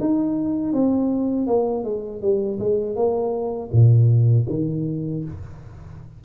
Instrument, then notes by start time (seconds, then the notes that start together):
tuba
0.00 D#4
0.73 C4
1.47 A#3
1.84 G#3
2.21 G3
2.59 G#3
2.96 A#3
3.72 A#2
4.49 D#3